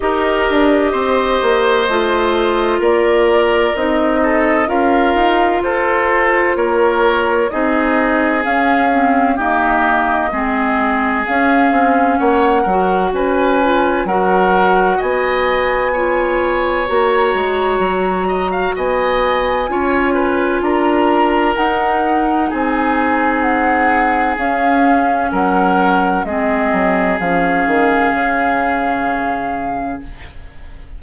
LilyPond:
<<
  \new Staff \with { instrumentName = "flute" } { \time 4/4 \tempo 4 = 64 dis''2. d''4 | dis''4 f''4 c''4 cis''4 | dis''4 f''4 dis''2 | f''4 fis''4 gis''4 fis''4 |
gis''2 ais''2 | gis''2 ais''4 fis''4 | gis''4 fis''4 f''4 fis''4 | dis''4 f''2. | }
  \new Staff \with { instrumentName = "oboe" } { \time 4/4 ais'4 c''2 ais'4~ | ais'8 a'8 ais'4 a'4 ais'4 | gis'2 g'4 gis'4~ | gis'4 cis''8 ais'8 b'4 ais'4 |
dis''4 cis''2~ cis''8 dis''16 f''16 | dis''4 cis''8 b'8 ais'2 | gis'2. ais'4 | gis'1 | }
  \new Staff \with { instrumentName = "clarinet" } { \time 4/4 g'2 f'2 | dis'4 f'2. | dis'4 cis'8 c'8 ais4 c'4 | cis'4. fis'4 f'8 fis'4~ |
fis'4 f'4 fis'2~ | fis'4 f'2 dis'4~ | dis'2 cis'2 | c'4 cis'2. | }
  \new Staff \with { instrumentName = "bassoon" } { \time 4/4 dis'8 d'8 c'8 ais8 a4 ais4 | c'4 cis'8 dis'8 f'4 ais4 | c'4 cis'4 dis'4 gis4 | cis'8 c'8 ais8 fis8 cis'4 fis4 |
b2 ais8 gis8 fis4 | b4 cis'4 d'4 dis'4 | c'2 cis'4 fis4 | gis8 fis8 f8 dis8 cis2 | }
>>